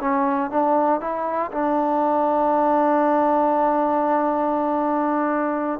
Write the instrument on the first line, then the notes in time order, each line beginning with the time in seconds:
trombone
0.00 C#4
0.50 D4
1.00 E4
1.51 D4